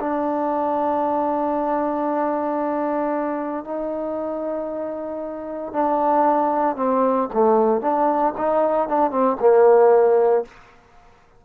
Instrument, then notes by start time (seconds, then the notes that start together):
trombone
0.00 D4
3.64 D#4
5.72 D4
6.76 C4
7.33 A3
7.81 D4
8.37 D#4
8.88 D4
9.11 C4
9.40 A#3